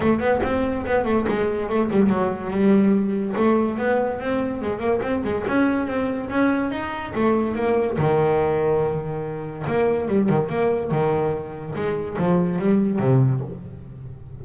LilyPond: \new Staff \with { instrumentName = "double bass" } { \time 4/4 \tempo 4 = 143 a8 b8 c'4 b8 a8 gis4 | a8 g8 fis4 g2 | a4 b4 c'4 gis8 ais8 | c'8 gis8 cis'4 c'4 cis'4 |
dis'4 a4 ais4 dis4~ | dis2. ais4 | g8 dis8 ais4 dis2 | gis4 f4 g4 c4 | }